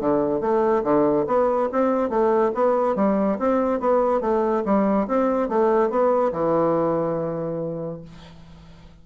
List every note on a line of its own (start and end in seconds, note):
0.00 0.41 D3
0.41 0.83 A3
0.83 1.26 D3
1.27 1.69 B3
1.72 2.09 C4
2.09 2.52 A3
2.54 2.95 B3
2.95 3.38 G3
3.39 3.80 C4
3.80 4.21 B3
4.21 4.63 A3
4.65 5.07 G3
5.08 5.49 C4
5.49 5.90 A3
5.90 6.32 B3
6.32 8.01 E3